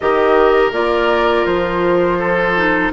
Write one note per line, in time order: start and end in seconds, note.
0.00 0.71 D#3
0.00 0.72 G4
0.00 2.18 A#4
0.00 0.71 D#5
0.71 1.44 A#3
0.71 2.55 F4
0.71 1.45 D5
1.45 2.92 F3
1.45 2.92 C5
2.18 2.91 A4
2.56 2.92 D#4